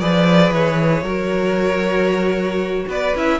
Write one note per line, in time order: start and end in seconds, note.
0.00 0.51 F3
0.00 1.05 G#4
0.00 1.03 B4
0.00 0.52 D5
0.51 1.02 E3
0.51 2.89 C#5
1.02 2.85 F#3
1.02 3.15 F#4
1.02 2.86 A#4
2.88 3.14 B3
2.88 3.40 B4
2.88 3.16 D5
3.15 3.40 C#4
3.15 3.40 E4
3.15 3.40 E5